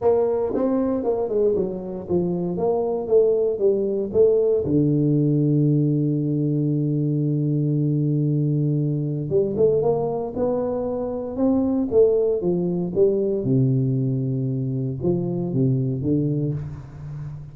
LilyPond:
\new Staff \with { instrumentName = "tuba" } { \time 4/4 \tempo 4 = 116 ais4 c'4 ais8 gis8 fis4 | f4 ais4 a4 g4 | a4 d2.~ | d1~ |
d2 g8 a8 ais4 | b2 c'4 a4 | f4 g4 c2~ | c4 f4 c4 d4 | }